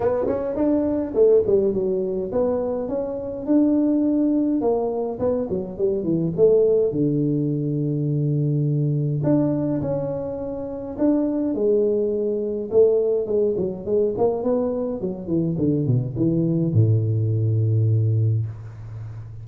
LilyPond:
\new Staff \with { instrumentName = "tuba" } { \time 4/4 \tempo 4 = 104 b8 cis'8 d'4 a8 g8 fis4 | b4 cis'4 d'2 | ais4 b8 fis8 g8 e8 a4 | d1 |
d'4 cis'2 d'4 | gis2 a4 gis8 fis8 | gis8 ais8 b4 fis8 e8 d8 b,8 | e4 a,2. | }